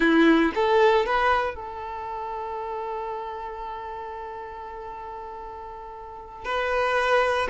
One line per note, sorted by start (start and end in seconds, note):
0.00 0.52 E4
0.55 1.05 A4
1.05 1.55 B4
1.55 6.44 A4
6.44 7.48 B4